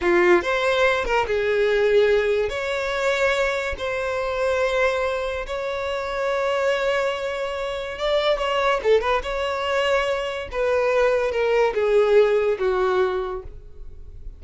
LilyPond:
\new Staff \with { instrumentName = "violin" } { \time 4/4 \tempo 4 = 143 f'4 c''4. ais'8 gis'4~ | gis'2 cis''2~ | cis''4 c''2.~ | c''4 cis''2.~ |
cis''2. d''4 | cis''4 a'8 b'8 cis''2~ | cis''4 b'2 ais'4 | gis'2 fis'2 | }